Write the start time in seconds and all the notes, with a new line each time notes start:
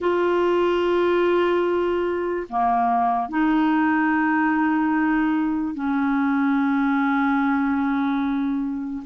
0.00 F4
2.49 A#3
3.28 D#4
5.74 C#4